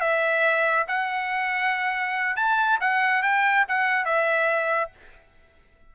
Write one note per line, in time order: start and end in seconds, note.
0.00 0.86 E5
0.87 2.36 F#5
2.36 2.79 A5
2.80 3.22 F#5
3.22 3.65 G5
3.68 4.04 F#5
4.04 4.90 E5